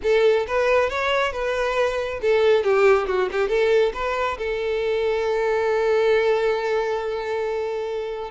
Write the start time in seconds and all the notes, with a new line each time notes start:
0.02 A4
0.47 B4
0.89 C#5
1.32 B4
2.21 A4
2.63 G4
3.07 F#4
3.32 G4
3.48 A4
3.93 B4
4.38 A4